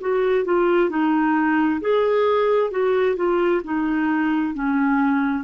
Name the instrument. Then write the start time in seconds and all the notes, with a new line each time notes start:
clarinet
0.00 F#4
0.44 F4
0.89 D#4
1.81 G#4
2.71 F#4
3.16 F4
3.64 D#4
4.54 C#4